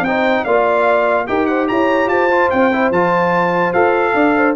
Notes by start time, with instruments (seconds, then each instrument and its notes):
0.00 tuba C4, trumpet G5
0.07 trombone D#4, horn C5
0.43 tuba A#3, trombone F4, horn D5, trumpet F5
1.26 tuba D#4, trombone G4, horn A#4, trumpet G5
1.46 horn C5, trumpet F#5
1.67 tuba E4, horn C#5, trumpet A#5
2.06 tuba F4, horn C5, trumpet A5
2.30 trombone F4
2.50 tuba C4, trumpet G5
2.72 trombone E4
2.90 tuba F3, trombone F4, trumpet A5
3.72 tuba F4, trombone A4, trumpet F5
4.14 tuba D4, horn D5
4.37 horn C5